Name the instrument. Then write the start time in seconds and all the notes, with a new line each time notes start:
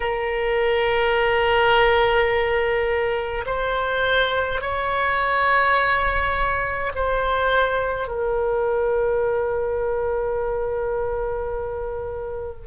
oboe
0.00 A#4
3.46 C5
4.61 C#5
6.95 C5
8.07 A#4